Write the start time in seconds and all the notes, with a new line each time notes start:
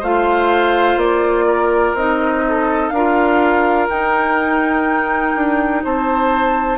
0.00 A3 F4 C5 F5
0.97 A#3 D5
1.47 A#4
1.94 C4 D#4 D#5
2.48 A4
2.90 D4 A#4 F5
2.96 F4
3.90 D#4 G5
5.35 D4
5.84 C4 C5 A5